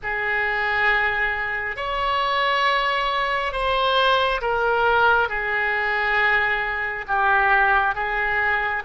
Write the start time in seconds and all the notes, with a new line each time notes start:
0.02 G#4
1.76 C#5
3.52 C5
4.41 A#4
5.29 G#4
7.07 G4
7.94 G#4